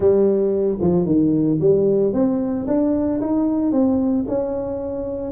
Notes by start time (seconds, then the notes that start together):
0.00 G3
0.81 F3
1.05 D#3
1.60 G3
2.13 C4
2.67 D4
3.20 D#4
3.72 C4
4.27 C#4